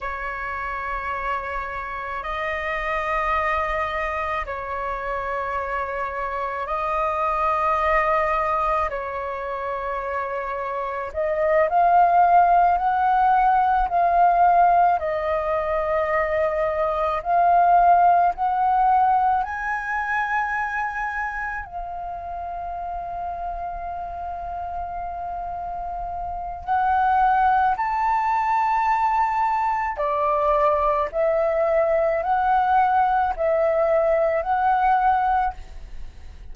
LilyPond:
\new Staff \with { instrumentName = "flute" } { \time 4/4 \tempo 4 = 54 cis''2 dis''2 | cis''2 dis''2 | cis''2 dis''8 f''4 fis''8~ | fis''8 f''4 dis''2 f''8~ |
f''8 fis''4 gis''2 f''8~ | f''1 | fis''4 a''2 d''4 | e''4 fis''4 e''4 fis''4 | }